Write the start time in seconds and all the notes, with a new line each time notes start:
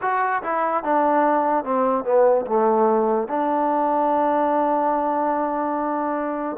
0.01 F#4
0.43 E4
0.83 D4
1.64 C4
2.04 B3
2.46 A3
3.28 D4